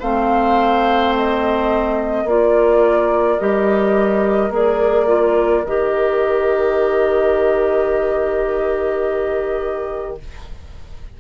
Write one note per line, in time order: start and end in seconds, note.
0.00 2.24 A3
0.00 2.27 C4
0.00 2.24 C5
0.00 1.15 F5
1.17 2.29 D#5
2.24 3.37 A#3
2.24 3.39 F4
2.24 10.16 A#4
2.24 3.39 D5
3.39 4.50 G3
3.39 4.51 G4
3.39 4.52 D#5
4.50 5.63 A#3
4.50 5.07 G#4
4.50 5.65 D5
5.07 5.63 F4
5.65 10.19 D#3
5.65 10.21 G4
5.65 10.18 D#5